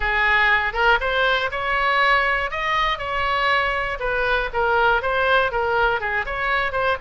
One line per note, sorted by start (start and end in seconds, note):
0.00 0.73 G#4
0.73 0.98 A#4
1.00 1.50 C5
1.51 2.50 C#5
2.50 2.98 D#5
2.98 3.98 C#5
3.99 4.49 B4
4.53 5.01 A#4
5.01 5.51 C5
5.51 6.00 A#4
6.00 6.25 G#4
6.25 6.71 C#5
6.71 6.96 C5